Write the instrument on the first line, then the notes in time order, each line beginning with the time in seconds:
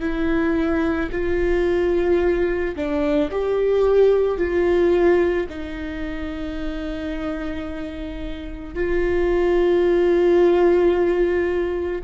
viola
0.00 E4
1.12 F4
2.75 D4
3.31 G4
4.37 F4
5.48 D#4
8.74 F4